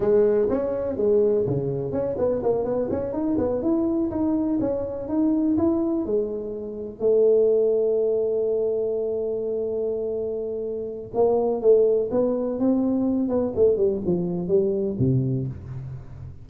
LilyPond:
\new Staff \with { instrumentName = "tuba" } { \time 4/4 \tempo 4 = 124 gis4 cis'4 gis4 cis4 | cis'8 b8 ais8 b8 cis'8 dis'8 b8 e'8~ | e'8 dis'4 cis'4 dis'4 e'8~ | e'8 gis2 a4.~ |
a1~ | a2. ais4 | a4 b4 c'4. b8 | a8 g8 f4 g4 c4 | }